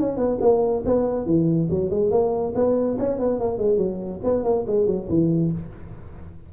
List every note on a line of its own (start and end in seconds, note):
0.00 0.17 C#4
0.17 0.38 B3
0.41 0.84 A#3
0.86 1.26 B3
1.26 1.68 E3
1.70 1.90 F#3
1.90 2.11 G#3
2.11 2.53 A#3
2.55 2.97 B3
2.99 3.19 C#4
3.19 3.40 B3
3.40 3.58 A#3
3.58 3.78 G#3
3.78 4.20 F#3
4.24 4.44 B3
4.44 4.65 A#3
4.67 4.87 G#3
4.87 5.08 F#3
5.09 5.52 E3